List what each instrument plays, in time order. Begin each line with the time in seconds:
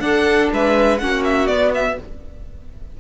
0.00 cello D4, viola D4, violin A4 F#5
0.52 cello G#3, violin B4 E5
0.99 cello A#3, viola C#4, violin F#4 F#5
1.24 violin E5
1.47 cello B3, viola B3, violin D5
1.75 violin E5